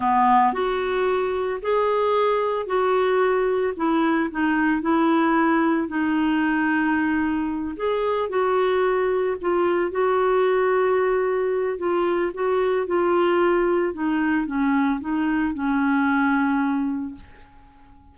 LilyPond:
\new Staff \with { instrumentName = "clarinet" } { \time 4/4 \tempo 4 = 112 b4 fis'2 gis'4~ | gis'4 fis'2 e'4 | dis'4 e'2 dis'4~ | dis'2~ dis'8 gis'4 fis'8~ |
fis'4. f'4 fis'4.~ | fis'2 f'4 fis'4 | f'2 dis'4 cis'4 | dis'4 cis'2. | }